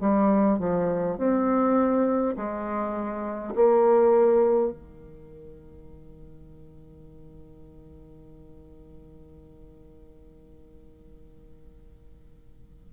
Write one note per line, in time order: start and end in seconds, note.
0.00 0.59 G3
0.59 1.18 F3
1.18 2.35 C4
2.36 3.54 G#3
3.55 4.71 A#3
4.71 12.93 D#3